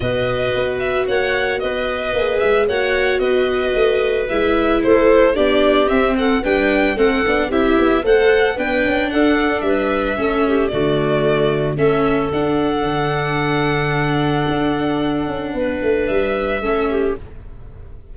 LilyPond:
<<
  \new Staff \with { instrumentName = "violin" } { \time 4/4 \tempo 4 = 112 dis''4. e''8 fis''4 dis''4~ | dis''8 e''8 fis''4 dis''2 | e''4 c''4 d''4 e''8 fis''8 | g''4 fis''4 e''4 fis''4 |
g''4 fis''4 e''2 | d''2 e''4 fis''4~ | fis''1~ | fis''2 e''2 | }
  \new Staff \with { instrumentName = "clarinet" } { \time 4/4 b'2 cis''4 b'4~ | b'4 cis''4 b'2~ | b'4 a'4 g'4. a'8 | b'4 a'4 g'4 c''4 |
b'4 a'4 b'4 a'8 g'8 | fis'2 a'2~ | a'1~ | a'4 b'2 a'8 g'8 | }
  \new Staff \with { instrumentName = "viola" } { \time 4/4 fis'1 | gis'4 fis'2. | e'2 d'4 c'4 | d'4 c'8 d'8 e'4 a'4 |
d'2. cis'4 | a2 cis'4 d'4~ | d'1~ | d'2. cis'4 | }
  \new Staff \with { instrumentName = "tuba" } { \time 4/4 b,4 b4 ais4 b4 | ais8 gis8 ais4 b4 a4 | gis4 a4 b4 c'4 | g4 a8 b8 c'8 b8 a4 |
b8 cis'8 d'4 g4 a4 | d2 a4 d'4 | d2. d'4~ | d'8 cis'8 b8 a8 g4 a4 | }
>>